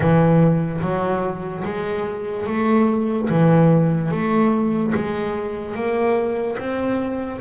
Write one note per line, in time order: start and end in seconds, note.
0.00 0.80 E3
0.81 1.63 F#3
1.64 2.46 G#3
2.46 3.28 A3
3.29 4.11 E3
4.11 4.93 A3
4.94 5.75 G#3
5.75 6.57 A#3
6.58 7.40 C4